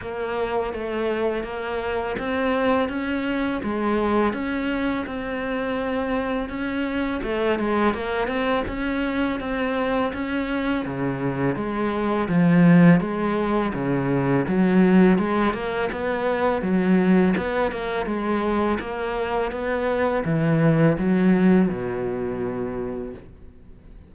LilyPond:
\new Staff \with { instrumentName = "cello" } { \time 4/4 \tempo 4 = 83 ais4 a4 ais4 c'4 | cis'4 gis4 cis'4 c'4~ | c'4 cis'4 a8 gis8 ais8 c'8 | cis'4 c'4 cis'4 cis4 |
gis4 f4 gis4 cis4 | fis4 gis8 ais8 b4 fis4 | b8 ais8 gis4 ais4 b4 | e4 fis4 b,2 | }